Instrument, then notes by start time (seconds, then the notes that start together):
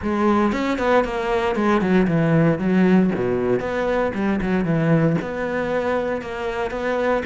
cello
0.02 G#3
0.52 C#4
0.78 B3
1.04 A#3
1.55 G#3
1.81 F#3
2.07 E3
2.58 F#3
3.15 B2
3.60 B3
4.14 G3
4.41 F#3
4.64 E3
5.21 B3
6.21 A#3
6.71 B3